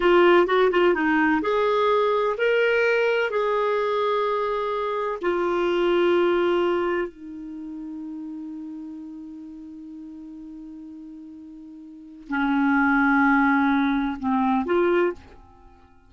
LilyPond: \new Staff \with { instrumentName = "clarinet" } { \time 4/4 \tempo 4 = 127 f'4 fis'8 f'8 dis'4 gis'4~ | gis'4 ais'2 gis'4~ | gis'2. f'4~ | f'2. dis'4~ |
dis'1~ | dis'1~ | dis'2 cis'2~ | cis'2 c'4 f'4 | }